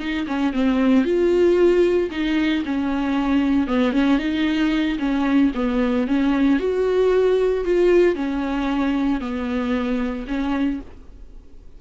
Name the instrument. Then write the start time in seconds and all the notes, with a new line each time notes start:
viola
0.00 D#4
0.27 C#4
0.53 C4
1.05 F4
2.11 D#4
2.66 C#4
3.67 B3
3.93 C#4
4.19 D#4
4.99 C#4
5.55 B3
6.08 C#4
6.60 F#4
7.65 F4
8.16 C#4
9.21 B3
10.28 C#4